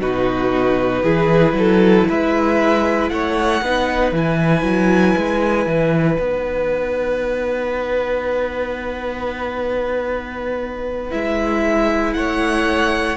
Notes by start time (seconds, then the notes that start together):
0.00 B2 D#4 F#4 B4
1.02 E3 E4 G#4
1.53 F#3 A4
2.08 G#3 B4 E5
3.09 A3 C#5 F#5
3.61 B3 D#4 B4
4.12 E3 E4 G#5
4.62 F#3
5.17 G#3
5.66 E3
6.18 B3 D#4 F#5
11.11 G#3 E4 E5
12.13 A3 C#5 F#5